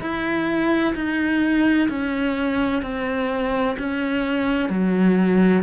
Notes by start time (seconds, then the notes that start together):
0.00 E4
0.95 D#4
1.89 C#4
2.82 C4
3.78 C#4
4.69 F#3